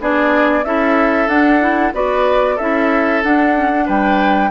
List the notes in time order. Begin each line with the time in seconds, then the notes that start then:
0.00 B3 D4 G#4 D5
0.65 C#4 E4 A4 E5
1.28 D4 F#5
1.61 E4
1.93 B3 F#4 B4 D5
2.56 C#4 E4 A4 E5
3.23 D4 F#5
3.55 C#4
3.72 D4
3.86 G3 B4 G5